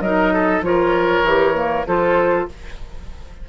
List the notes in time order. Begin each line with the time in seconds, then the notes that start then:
0.00 F#3 D#4 A#4 D#5
0.33 A4
0.61 F3 F4 A#4 C#5
1.23 E3 G4
1.54 A#3
1.87 F3 F4 A4 C5